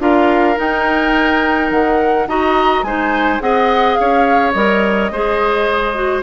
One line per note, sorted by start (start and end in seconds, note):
0.00 0.57 D4
0.00 0.56 F4
0.00 2.28 A#4
0.00 0.58 F5
0.56 2.26 D#4
0.56 1.71 D#4
0.56 1.71 G5
1.71 2.27 D#3
1.71 2.28 F#5
2.27 2.83 D#4
2.27 2.85 F#4
2.27 2.86 D#5
2.27 2.84 A#5
2.83 3.40 G#3
2.83 3.40 D#4
2.83 3.43 C5
2.83 3.41 G#5
3.40 3.98 C4
3.40 4.53 G#4
3.40 4.00 D#5
3.40 3.95 F#5
3.95 4.55 C#4
3.95 5.12 C#5
3.95 4.51 F5
4.52 5.11 G3
4.52 5.12 A#4
4.52 6.22 D#5
5.11 6.23 G#3
5.11 5.95 G#4
5.11 6.23 C5
5.95 6.23 F#4